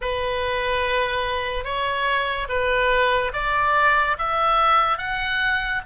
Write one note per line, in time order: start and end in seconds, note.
0.01 1.64 B4
1.64 2.47 C#5
2.48 3.32 B4
3.33 4.16 D5
4.18 4.98 E5
4.98 5.81 F#5